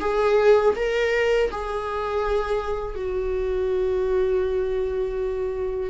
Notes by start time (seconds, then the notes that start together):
0.00 G#4
0.76 A#4
1.51 G#4
2.95 F#4